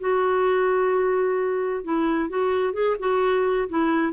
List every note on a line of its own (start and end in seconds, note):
0.00 1.84 F#4
1.84 2.30 E4
2.30 2.73 F#4
2.73 2.96 G#4
2.99 3.69 F#4
3.69 4.13 E4